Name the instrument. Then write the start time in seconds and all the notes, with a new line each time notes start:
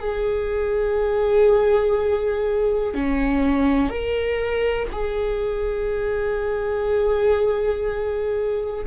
viola
0.00 G#4
2.95 C#4
3.89 A#4
4.92 G#4